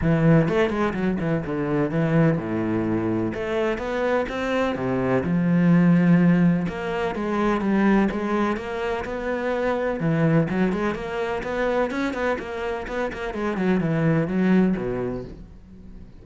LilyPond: \new Staff \with { instrumentName = "cello" } { \time 4/4 \tempo 4 = 126 e4 a8 gis8 fis8 e8 d4 | e4 a,2 a4 | b4 c'4 c4 f4~ | f2 ais4 gis4 |
g4 gis4 ais4 b4~ | b4 e4 fis8 gis8 ais4 | b4 cis'8 b8 ais4 b8 ais8 | gis8 fis8 e4 fis4 b,4 | }